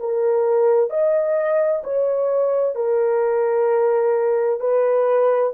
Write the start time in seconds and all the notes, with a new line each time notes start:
0.00 A#4
0.90 D#5
1.84 C#5
2.76 A#4
4.60 B4